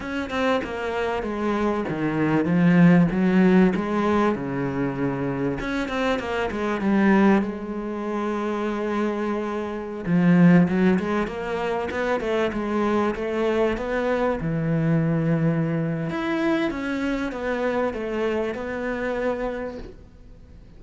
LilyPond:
\new Staff \with { instrumentName = "cello" } { \time 4/4 \tempo 4 = 97 cis'8 c'8 ais4 gis4 dis4 | f4 fis4 gis4 cis4~ | cis4 cis'8 c'8 ais8 gis8 g4 | gis1~ |
gis16 f4 fis8 gis8 ais4 b8 a16~ | a16 gis4 a4 b4 e8.~ | e2 e'4 cis'4 | b4 a4 b2 | }